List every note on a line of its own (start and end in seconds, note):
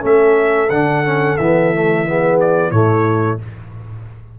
0.00 0.69 A3
0.00 0.68 C#4
0.00 2.02 A4
0.00 0.70 E5
0.69 1.37 D3
0.69 1.04 D4
0.69 1.37 F#5
1.04 1.38 C#4
1.37 2.71 E3
1.37 1.74 B3
1.37 2.38 E5
1.74 2.06 A3
2.06 2.71 B3
2.06 2.71 G#4
2.40 2.71 D5
2.71 3.39 A2
2.71 3.39 A3
2.71 3.38 E4
2.71 3.38 C#5